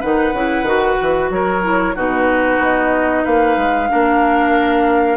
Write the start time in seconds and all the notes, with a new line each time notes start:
0.00 D#3 D#4 B4 F#5
0.33 C#3 E4
0.62 D#3 F#4
1.01 E3
1.30 F#3 A#4 C#5
1.62 E4
1.95 B2 D#4 F#4 B4
2.58 B3 D#5
3.24 A#3 B4 F5
3.56 G#3
3.88 A#3 D4 A#4